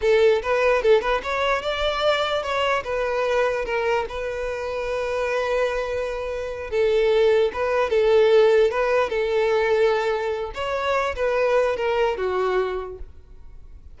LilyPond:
\new Staff \with { instrumentName = "violin" } { \time 4/4 \tempo 4 = 148 a'4 b'4 a'8 b'8 cis''4 | d''2 cis''4 b'4~ | b'4 ais'4 b'2~ | b'1~ |
b'8 a'2 b'4 a'8~ | a'4. b'4 a'4.~ | a'2 cis''4. b'8~ | b'4 ais'4 fis'2 | }